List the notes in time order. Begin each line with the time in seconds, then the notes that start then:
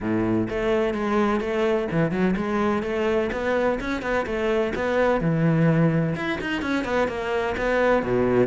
0.00 A2
0.49 A3
0.94 G#3
1.40 A3
1.91 E3
2.11 F#3
2.36 G#3
2.83 A3
3.32 B3
3.80 C#4
4.02 B3
4.26 A3
4.75 B3
5.20 E3
6.15 E4
6.40 D#4
6.61 C#4
6.84 B3
7.08 A#3
7.57 B3
8.02 B2